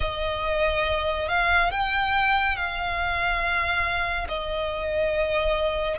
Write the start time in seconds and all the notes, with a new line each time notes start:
0.00 D#5
1.28 F5
1.71 G5
2.56 F5
4.28 D#5